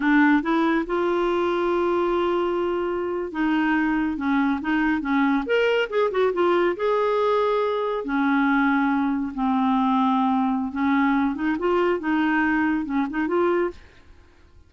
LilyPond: \new Staff \with { instrumentName = "clarinet" } { \time 4/4 \tempo 4 = 140 d'4 e'4 f'2~ | f'2.~ f'8. dis'16~ | dis'4.~ dis'16 cis'4 dis'4 cis'16~ | cis'8. ais'4 gis'8 fis'8 f'4 gis'16~ |
gis'2~ gis'8. cis'4~ cis'16~ | cis'4.~ cis'16 c'2~ c'16~ | c'4 cis'4. dis'8 f'4 | dis'2 cis'8 dis'8 f'4 | }